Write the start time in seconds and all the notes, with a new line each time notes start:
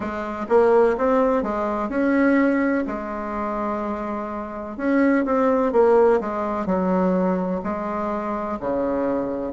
0.00 G#3
0.48 A#3
0.97 C4
1.42 G#3
1.89 C#4
2.86 G#3
4.77 C#4
5.25 C4
5.72 A#3
6.20 G#3
6.66 F#3
7.63 G#3
8.60 C#3